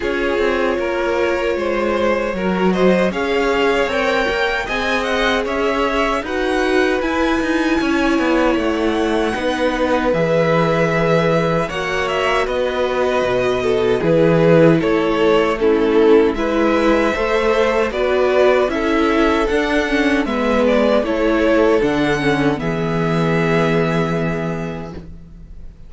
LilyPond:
<<
  \new Staff \with { instrumentName = "violin" } { \time 4/4 \tempo 4 = 77 cis''2.~ cis''8 dis''8 | f''4 g''4 gis''8 fis''8 e''4 | fis''4 gis''2 fis''4~ | fis''4 e''2 fis''8 e''8 |
dis''2 b'4 cis''4 | a'4 e''2 d''4 | e''4 fis''4 e''8 d''8 cis''4 | fis''4 e''2. | }
  \new Staff \with { instrumentName = "violin" } { \time 4/4 gis'4 ais'4 c''4 ais'8 c''8 | cis''2 dis''4 cis''4 | b'2 cis''2 | b'2. cis''4 |
b'4. a'8 gis'4 a'4 | e'4 b'4 c''4 b'4 | a'2 b'4 a'4~ | a'4 gis'2. | }
  \new Staff \with { instrumentName = "viola" } { \time 4/4 f'2. fis'4 | gis'4 ais'4 gis'2 | fis'4 e'2. | dis'4 gis'2 fis'4~ |
fis'2 e'2 | cis'4 e'4 a'4 fis'4 | e'4 d'8 cis'8 b4 e'4 | d'8 cis'8 b2. | }
  \new Staff \with { instrumentName = "cello" } { \time 4/4 cis'8 c'8 ais4 gis4 fis4 | cis'4 c'8 ais8 c'4 cis'4 | dis'4 e'8 dis'8 cis'8 b8 a4 | b4 e2 ais4 |
b4 b,4 e4 a4~ | a4 gis4 a4 b4 | cis'4 d'4 gis4 a4 | d4 e2. | }
>>